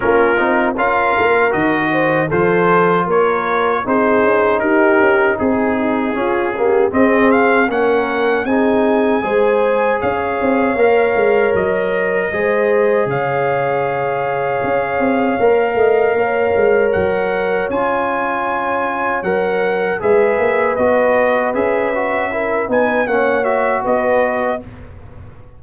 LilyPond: <<
  \new Staff \with { instrumentName = "trumpet" } { \time 4/4 \tempo 4 = 78 ais'4 f''4 dis''4 c''4 | cis''4 c''4 ais'4 gis'4~ | gis'4 dis''8 f''8 fis''4 gis''4~ | gis''4 f''2 dis''4~ |
dis''4 f''2.~ | f''2 fis''4 gis''4~ | gis''4 fis''4 e''4 dis''4 | e''4. gis''8 fis''8 e''8 dis''4 | }
  \new Staff \with { instrumentName = "horn" } { \time 4/4 f'4 ais'4. c''8 a'4 | ais'4 gis'4 g'4 gis'8 dis'8 | f'8 g'8 gis'4 ais'4 gis'4 | c''4 cis''2. |
c''4 cis''2.~ | cis''8 dis''8 cis''2.~ | cis''2 b'2~ | b'4 ais'8 b'8 cis''4 b'4 | }
  \new Staff \with { instrumentName = "trombone" } { \time 4/4 cis'8 dis'8 f'4 fis'4 f'4~ | f'4 dis'2. | cis'8 ais8 c'4 cis'4 dis'4 | gis'2 ais'2 |
gis'1 | ais'2. f'4~ | f'4 ais'4 gis'4 fis'4 | gis'8 fis'8 e'8 dis'8 cis'8 fis'4. | }
  \new Staff \with { instrumentName = "tuba" } { \time 4/4 ais8 c'8 cis'8 ais8 dis4 f4 | ais4 c'8 cis'8 dis'8 cis'8 c'4 | cis'4 c'4 ais4 c'4 | gis4 cis'8 c'8 ais8 gis8 fis4 |
gis4 cis2 cis'8 c'8 | ais8 a8 ais8 gis8 fis4 cis'4~ | cis'4 fis4 gis8 ais8 b4 | cis'4. b8 ais4 b4 | }
>>